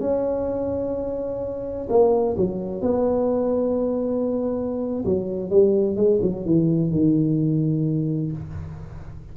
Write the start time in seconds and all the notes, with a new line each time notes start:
0.00 C#4
1.89 A#3
2.37 F#3
2.81 B3
5.05 F#3
5.50 G3
5.96 G#3
6.22 F#3
6.45 E3
6.91 D#3